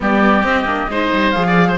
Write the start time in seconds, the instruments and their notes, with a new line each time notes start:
0.00 cello G3, viola B3, oboe G4, flute D5
0.42 viola C4, cello C4, flute D#5
0.64 cello A#3, viola D4
0.88 cello G#3, viola D#4, oboe C5
1.12 cello G3
1.31 cello F3, viola G#4, flute F5
1.47 oboe D5
1.67 oboe C5